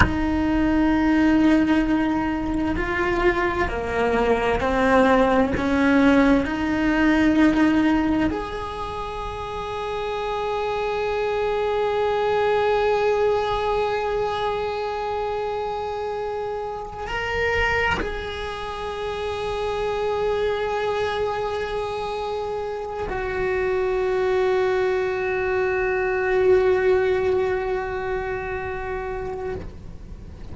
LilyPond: \new Staff \with { instrumentName = "cello" } { \time 4/4 \tempo 4 = 65 dis'2. f'4 | ais4 c'4 cis'4 dis'4~ | dis'4 gis'2.~ | gis'1~ |
gis'2~ gis'8 ais'4 gis'8~ | gis'1~ | gis'4 fis'2.~ | fis'1 | }